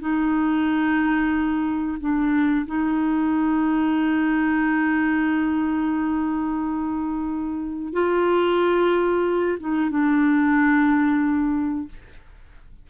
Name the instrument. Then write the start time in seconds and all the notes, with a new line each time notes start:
clarinet
0.00 D#4
2.00 D4
2.66 D#4
7.93 F4
9.60 D#4
9.90 D4